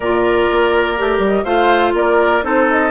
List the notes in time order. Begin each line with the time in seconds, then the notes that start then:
0.00 A#2 F4 A#4 D5
0.50 A#3
0.97 A3 G4
1.18 G3
1.26 D#5
1.43 A3 F4 C5 F5
1.93 A#3 A#4 D5
2.42 C4 D#4 A4 C5
2.70 D#5